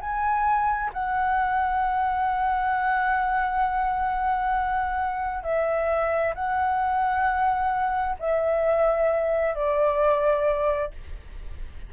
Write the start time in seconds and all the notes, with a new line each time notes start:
0.00 G#5
0.93 F#5
5.43 E5
6.34 F#5
8.19 E5
9.55 D5